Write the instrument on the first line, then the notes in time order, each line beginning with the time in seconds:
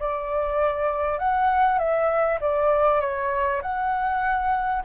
flute
0.00 D5
1.19 F#5
1.79 E5
2.41 D5
3.01 C#5
3.62 F#5